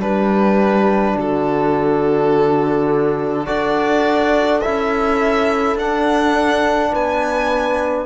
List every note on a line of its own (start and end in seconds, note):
0.00 1.15 G3
0.00 3.46 D4
0.00 1.15 G4
0.00 1.17 B4
1.15 3.47 D3
1.15 3.45 F#4
1.15 3.46 A4
3.45 4.64 D4
3.45 4.61 F#4
3.45 6.91 A4
3.45 4.61 D5
4.61 5.79 E4
4.61 5.77 E5
4.68 5.76 C#4
5.76 6.91 D4
5.76 8.06 D4
5.76 6.94 F#5
6.92 8.06 B3
6.92 8.06 B4
6.92 8.06 G#5